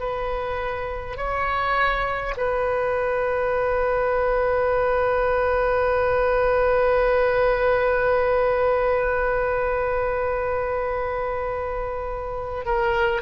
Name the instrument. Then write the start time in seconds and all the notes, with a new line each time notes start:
oboe
0.00 B4
1.17 C#5
2.37 B4
12.65 A#4